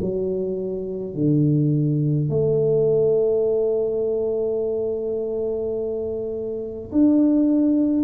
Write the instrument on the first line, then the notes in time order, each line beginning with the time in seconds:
tuba
0.00 F#3
1.14 D3
2.29 A3
6.91 D4